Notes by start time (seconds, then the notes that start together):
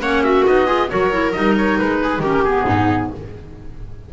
0.00 A#3 C#4 C#5 F#5
0.23 F#4 E5
0.46 B3 D#4 D#5
0.66 F4 G#4
0.89 F#3 F#4 A#4 C#5
1.11 E4
1.32 G3 D#4 D#5
1.58 C#5
1.78 G#3 B4
2.03 G#4
2.19 D#3 C#4 G4 A#4
2.43 B3 G#4
2.66 G#2 D#4